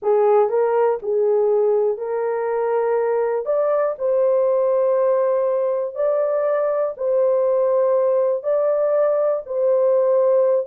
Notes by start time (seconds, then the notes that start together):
0.02 G#4
0.49 A#4
1.02 G#4
1.97 A#4
3.45 D5
3.98 C5
5.95 D5
6.97 C5
8.43 D5
9.46 C5